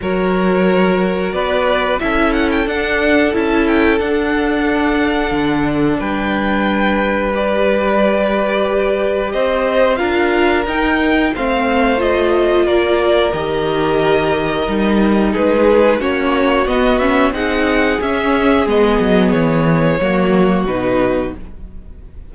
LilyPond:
<<
  \new Staff \with { instrumentName = "violin" } { \time 4/4 \tempo 4 = 90 cis''2 d''4 e''8 fis''16 g''16 | fis''4 a''8 g''8 fis''2~ | fis''4 g''2 d''4~ | d''2 dis''4 f''4 |
g''4 f''4 dis''4 d''4 | dis''2. b'4 | cis''4 dis''8 e''8 fis''4 e''4 | dis''4 cis''2 b'4 | }
  \new Staff \with { instrumentName = "violin" } { \time 4/4 ais'2 b'4 a'4~ | a'1~ | a'4 b'2.~ | b'2 c''4 ais'4~ |
ais'4 c''2 ais'4~ | ais'2. gis'4 | fis'2 gis'2~ | gis'2 fis'2 | }
  \new Staff \with { instrumentName = "viola" } { \time 4/4 fis'2. e'4 | d'4 e'4 d'2~ | d'2. g'4~ | g'2. f'4 |
dis'4 c'4 f'2 | g'2 dis'2 | cis'4 b8 cis'8 dis'4 cis'4 | b2 ais4 dis'4 | }
  \new Staff \with { instrumentName = "cello" } { \time 4/4 fis2 b4 cis'4 | d'4 cis'4 d'2 | d4 g2.~ | g2 c'4 d'4 |
dis'4 a2 ais4 | dis2 g4 gis4 | ais4 b4 c'4 cis'4 | gis8 fis8 e4 fis4 b,4 | }
>>